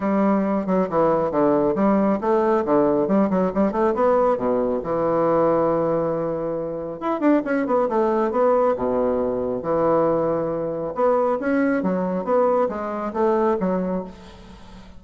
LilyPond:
\new Staff \with { instrumentName = "bassoon" } { \time 4/4 \tempo 4 = 137 g4. fis8 e4 d4 | g4 a4 d4 g8 fis8 | g8 a8 b4 b,4 e4~ | e1 |
e'8 d'8 cis'8 b8 a4 b4 | b,2 e2~ | e4 b4 cis'4 fis4 | b4 gis4 a4 fis4 | }